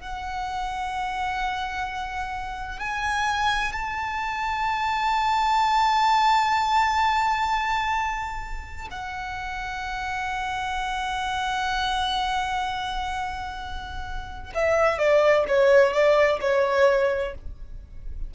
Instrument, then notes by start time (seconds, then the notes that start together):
violin
0.00 F#5
2.80 G#5
3.72 A5
8.91 F#5
14.54 E5
14.98 D5
15.48 C#5
15.92 D5
16.41 C#5